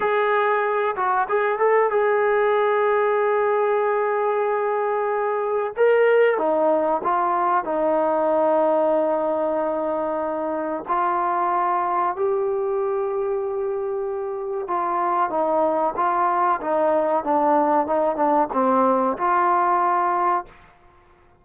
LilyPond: \new Staff \with { instrumentName = "trombone" } { \time 4/4 \tempo 4 = 94 gis'4. fis'8 gis'8 a'8 gis'4~ | gis'1~ | gis'4 ais'4 dis'4 f'4 | dis'1~ |
dis'4 f'2 g'4~ | g'2. f'4 | dis'4 f'4 dis'4 d'4 | dis'8 d'8 c'4 f'2 | }